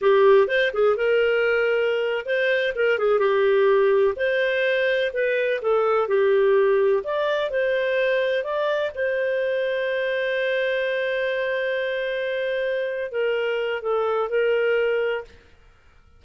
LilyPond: \new Staff \with { instrumentName = "clarinet" } { \time 4/4 \tempo 4 = 126 g'4 c''8 gis'8 ais'2~ | ais'8. c''4 ais'8 gis'8 g'4~ g'16~ | g'8. c''2 b'4 a'16~ | a'8. g'2 d''4 c''16~ |
c''4.~ c''16 d''4 c''4~ c''16~ | c''1~ | c''2.~ c''8 ais'8~ | ais'4 a'4 ais'2 | }